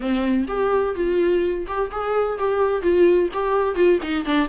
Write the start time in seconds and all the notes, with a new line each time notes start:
0.00 C4
0.48 G4
0.95 F4
1.67 G4
1.91 G#4
2.38 G4
2.82 F4
3.33 G4
3.75 F4
4.02 D#4
4.25 D4